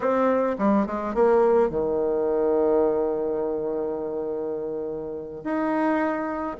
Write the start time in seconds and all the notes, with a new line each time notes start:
0.00 C4
0.58 G3
0.86 G#3
1.14 A#3
1.69 D#3
5.44 D#4